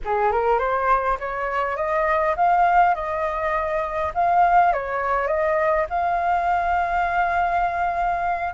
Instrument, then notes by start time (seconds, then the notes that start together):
flute
0.04 G#4
0.31 A#4
0.59 C5
1.19 C#5
1.76 D#5
2.36 F5
2.94 D#5
4.14 F5
4.72 C#5
5.27 D#5
5.89 F5